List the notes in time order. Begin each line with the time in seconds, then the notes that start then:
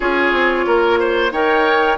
0.00 C#4 F4 G#4 C#5
0.32 C4
0.66 A#3 A#4
0.99 C5
1.31 D#4 A#4 C#5 G5